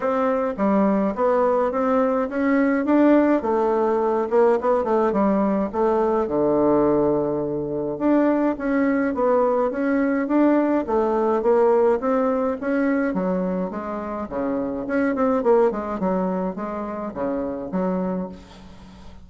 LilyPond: \new Staff \with { instrumentName = "bassoon" } { \time 4/4 \tempo 4 = 105 c'4 g4 b4 c'4 | cis'4 d'4 a4. ais8 | b8 a8 g4 a4 d4~ | d2 d'4 cis'4 |
b4 cis'4 d'4 a4 | ais4 c'4 cis'4 fis4 | gis4 cis4 cis'8 c'8 ais8 gis8 | fis4 gis4 cis4 fis4 | }